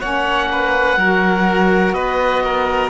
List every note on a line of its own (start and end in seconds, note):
0.00 0.97 A#3
0.00 0.98 C#4
0.00 0.48 C#5
0.00 1.93 F#5
0.52 0.98 B4
0.97 1.93 F#3
0.97 2.90 F#4
0.97 1.94 A#4
1.93 2.90 B3
1.93 2.43 B4
1.93 2.90 D#5
2.44 2.90 A#4